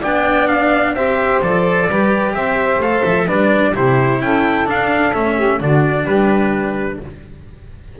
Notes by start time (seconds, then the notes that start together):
0.00 B3 D4 D5 G5
0.48 F5
0.94 C4 G4 C5 E5
1.42 F3 A4 D5
1.88 G3 G4 B4
2.35 C4 C5 E5
2.80 A3 A4 F5
3.05 F3 E5
3.26 G3 D4 B4 D5
3.75 C3 E4 G4 C5
4.20 C#4 A4 G5
4.66 D4 F5
5.14 A3 C#4 E5
5.36 G4
5.60 D3 D4 F#4 D5
6.05 G3 G4 B4